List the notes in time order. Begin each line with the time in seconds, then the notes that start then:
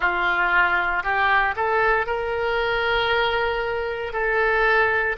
0.00 F4
1.03 G4
1.56 A4
2.06 A#4
4.12 A4